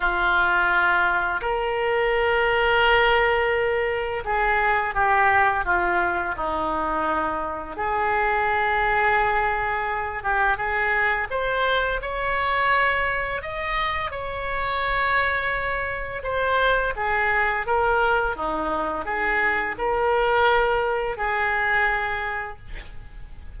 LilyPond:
\new Staff \with { instrumentName = "oboe" } { \time 4/4 \tempo 4 = 85 f'2 ais'2~ | ais'2 gis'4 g'4 | f'4 dis'2 gis'4~ | gis'2~ gis'8 g'8 gis'4 |
c''4 cis''2 dis''4 | cis''2. c''4 | gis'4 ais'4 dis'4 gis'4 | ais'2 gis'2 | }